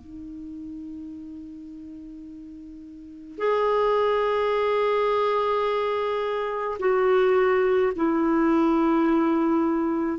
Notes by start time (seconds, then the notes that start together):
0.00 D#4
3.38 G#4
6.79 F#4
7.96 E4